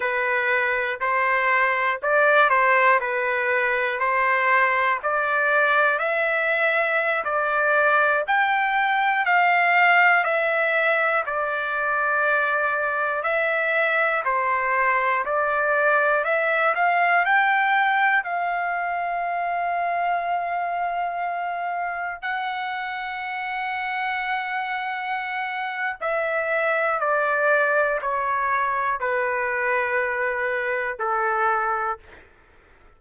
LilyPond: \new Staff \with { instrumentName = "trumpet" } { \time 4/4 \tempo 4 = 60 b'4 c''4 d''8 c''8 b'4 | c''4 d''4 e''4~ e''16 d''8.~ | d''16 g''4 f''4 e''4 d''8.~ | d''4~ d''16 e''4 c''4 d''8.~ |
d''16 e''8 f''8 g''4 f''4.~ f''16~ | f''2~ f''16 fis''4.~ fis''16~ | fis''2 e''4 d''4 | cis''4 b'2 a'4 | }